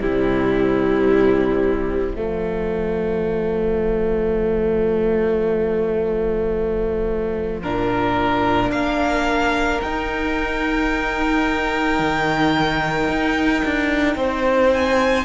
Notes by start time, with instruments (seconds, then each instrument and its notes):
0.00 cello C3, viola G3, violin E4 C5
2.16 cello F3, viola A3, violin F4
7.63 cello A#2, viola D4, violin A#4
8.71 cello A#3, violin A#4 F5
9.82 viola D#4, cello D#4, violin G5
11.99 cello D#3
13.08 cello D#4
13.65 cello D4
14.15 cello C4, violin C5
14.73 violin G#5